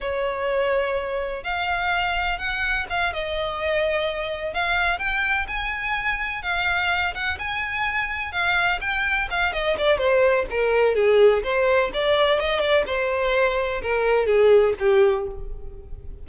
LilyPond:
\new Staff \with { instrumentName = "violin" } { \time 4/4 \tempo 4 = 126 cis''2. f''4~ | f''4 fis''4 f''8 dis''4.~ | dis''4. f''4 g''4 gis''8~ | gis''4. f''4. fis''8 gis''8~ |
gis''4. f''4 g''4 f''8 | dis''8 d''8 c''4 ais'4 gis'4 | c''4 d''4 dis''8 d''8 c''4~ | c''4 ais'4 gis'4 g'4 | }